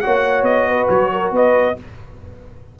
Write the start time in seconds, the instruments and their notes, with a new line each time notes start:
0.00 trombone F#4, horn C#5, trumpet F#5
0.06 tuba A#3
0.42 tuba B3, trumpet D#5
0.68 horn B4
0.88 tuba F#3, trumpet C#5
1.12 horn A#4
1.31 tuba B3, horn B4, trumpet D#5